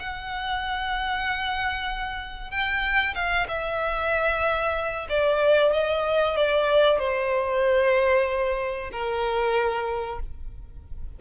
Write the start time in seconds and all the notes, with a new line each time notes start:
0.00 F#5
2.51 G5
3.15 F5
3.48 E5
5.09 D5
5.73 D#5
6.37 D5
6.99 C5
8.92 A#4